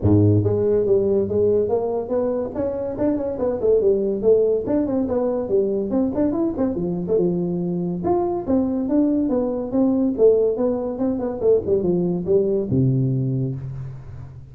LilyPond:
\new Staff \with { instrumentName = "tuba" } { \time 4/4 \tempo 4 = 142 gis,4 gis4 g4 gis4 | ais4 b4 cis'4 d'8 cis'8 | b8 a8 g4 a4 d'8 c'8 | b4 g4 c'8 d'8 e'8 c'8 |
f8. a16 f2 f'4 | c'4 d'4 b4 c'4 | a4 b4 c'8 b8 a8 g8 | f4 g4 c2 | }